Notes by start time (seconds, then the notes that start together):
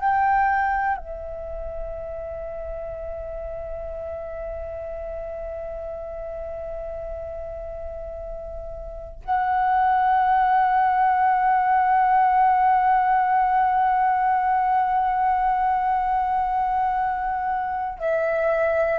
0.00 G5
0.97 E5
9.25 F#5
18.00 E5